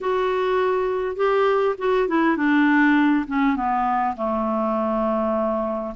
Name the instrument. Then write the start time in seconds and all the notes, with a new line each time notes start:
clarinet
0.00 F#4
1.16 G4
1.78 F#4
2.08 E4
2.36 D4
3.27 C#4
3.56 B3
4.16 A3